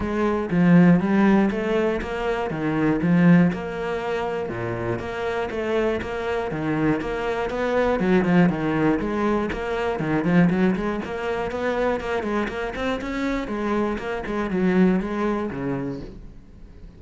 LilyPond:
\new Staff \with { instrumentName = "cello" } { \time 4/4 \tempo 4 = 120 gis4 f4 g4 a4 | ais4 dis4 f4 ais4~ | ais4 ais,4 ais4 a4 | ais4 dis4 ais4 b4 |
fis8 f8 dis4 gis4 ais4 | dis8 f8 fis8 gis8 ais4 b4 | ais8 gis8 ais8 c'8 cis'4 gis4 | ais8 gis8 fis4 gis4 cis4 | }